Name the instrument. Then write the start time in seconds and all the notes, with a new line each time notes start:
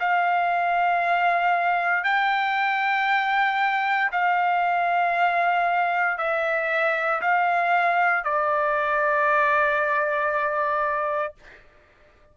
trumpet
0.00 F5
2.04 G5
4.11 F5
6.17 E5
7.21 F5
8.24 D5